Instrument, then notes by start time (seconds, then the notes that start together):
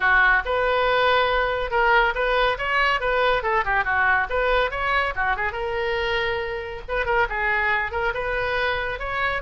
oboe
0.00 F#4
0.45 B4
1.70 A#4
2.14 B4
2.58 C#5
3.00 B4
3.42 A4
3.64 G4
3.84 F#4
4.29 B4
4.70 C#5
5.15 F#4
5.36 G#4
5.52 A#4
6.88 B4
7.05 A#4
7.29 G#4
7.91 A#4
8.14 B4
8.99 C#5